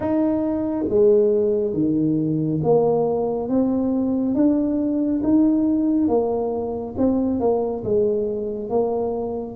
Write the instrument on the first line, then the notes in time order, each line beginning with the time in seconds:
tuba
0.00 D#4
0.88 G#3
1.73 D#3
2.63 A#3
3.49 C4
4.34 D4
5.23 D#4
6.08 A#3
6.97 C4
7.40 A#3
7.84 G#3
8.70 A#3